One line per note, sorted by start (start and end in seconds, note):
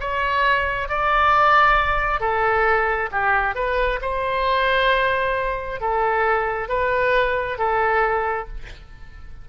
0.00 0.89 C#5
0.89 2.20 D5
2.20 3.10 A4
3.11 3.55 G4
3.55 4.00 B4
4.01 5.80 C5
5.80 6.68 A4
6.68 7.58 B4
7.58 8.47 A4